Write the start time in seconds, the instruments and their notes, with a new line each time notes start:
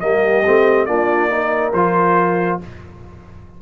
0.00 tuba G3, trombone A#3, horn G4, trumpet D#5
0.45 tuba A3, trombone C4
0.86 tuba A#3, trombone D4, horn F4, trumpet D5
1.30 trombone D#4, horn A#4
1.73 tuba F3, trombone F4, trumpet C5